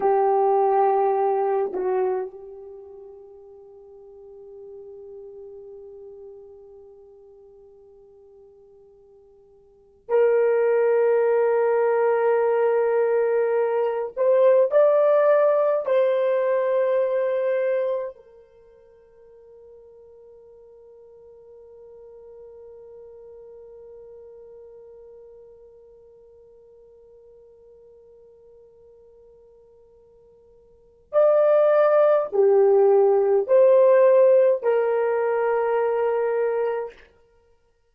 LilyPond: \new Staff \with { instrumentName = "horn" } { \time 4/4 \tempo 4 = 52 g'4. fis'8 g'2~ | g'1~ | g'8. ais'2.~ ais'16~ | ais'16 c''8 d''4 c''2 ais'16~ |
ais'1~ | ais'1~ | ais'2. d''4 | g'4 c''4 ais'2 | }